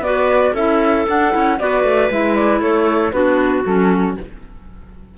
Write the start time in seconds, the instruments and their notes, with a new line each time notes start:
0.00 cello B3, clarinet F#4 B4, flute D5
0.54 cello C#4, clarinet E4 A4, flute E5
1.07 clarinet D4, cello D4, flute F#5
1.32 cello C#4, clarinet E4
1.59 cello B3, clarinet F#4 B4, flute D5
1.84 cello A3
2.10 cello G#3, clarinet E4, flute E5
2.35 flute D5
2.61 cello A3, clarinet A4, flute C#5
3.12 cello B3, clarinet D4 F#4, flute B4
3.66 cello F#3, clarinet C#4, flute A4